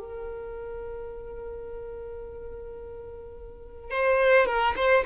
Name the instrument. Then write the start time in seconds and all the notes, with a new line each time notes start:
violin
0.00 A#4
3.91 C5
4.47 A#4
4.77 C5